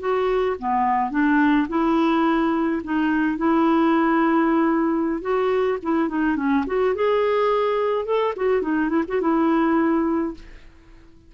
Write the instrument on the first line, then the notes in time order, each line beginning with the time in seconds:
clarinet
0.00 F#4
0.59 B3
1.11 D4
1.69 E4
2.84 D#4
3.38 E4
5.22 F#4
5.83 E4
6.09 D#4
6.37 C#4
6.67 F#4
6.95 G#4
8.06 A4
8.36 F#4
8.62 D#4
8.89 E4
9.08 F#4
9.21 E4